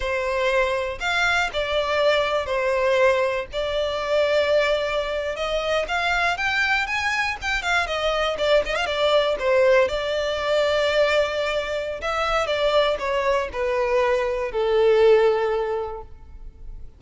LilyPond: \new Staff \with { instrumentName = "violin" } { \time 4/4 \tempo 4 = 120 c''2 f''4 d''4~ | d''4 c''2 d''4~ | d''2~ d''8. dis''4 f''16~ | f''8. g''4 gis''4 g''8 f''8 dis''16~ |
dis''8. d''8 dis''16 f''16 d''4 c''4 d''16~ | d''1 | e''4 d''4 cis''4 b'4~ | b'4 a'2. | }